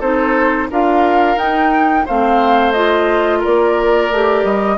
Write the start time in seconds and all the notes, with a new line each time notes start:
0.00 C4 D#4 A4 C5
0.70 D4 F4 A#4 F5
1.37 D#4 G5
2.06 A3 C4 C5 F5
2.73 F4 D#5
3.39 A#4 D5
3.46 A#3
4.11 A3 G4
4.44 G3 D#5